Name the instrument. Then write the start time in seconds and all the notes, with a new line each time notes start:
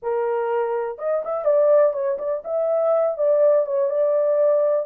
horn
0.02 A#4
0.98 D#5
1.24 E5
1.44 D5
1.93 C#5
2.18 D5
2.44 E5
3.17 D5
3.65 C#5
3.89 D5